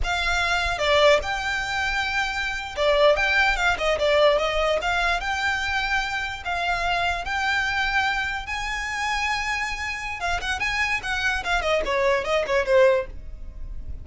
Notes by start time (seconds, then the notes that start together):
0.03 F5
0.78 D5
1.22 G5
2.76 D5
3.16 G5
3.56 F5
3.78 D#5
3.98 D5
4.38 D#5
4.81 F5
5.20 G5
6.45 F5
7.24 G5
8.46 G#5
10.20 F5
10.40 F#5
10.59 G#5
11.03 F#5
11.44 F5
11.61 D#5
11.85 C#5
12.24 D#5
12.47 C#5
12.65 C5